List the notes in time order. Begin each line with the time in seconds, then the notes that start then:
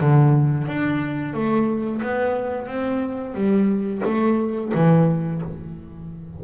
0.00 D3
0.67 D4
1.33 A3
2.02 B3
2.67 C4
3.34 G3
4.04 A3
4.74 E3